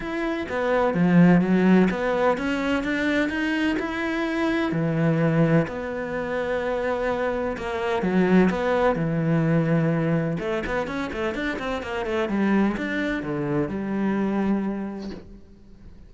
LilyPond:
\new Staff \with { instrumentName = "cello" } { \time 4/4 \tempo 4 = 127 e'4 b4 f4 fis4 | b4 cis'4 d'4 dis'4 | e'2 e2 | b1 |
ais4 fis4 b4 e4~ | e2 a8 b8 cis'8 a8 | d'8 c'8 ais8 a8 g4 d'4 | d4 g2. | }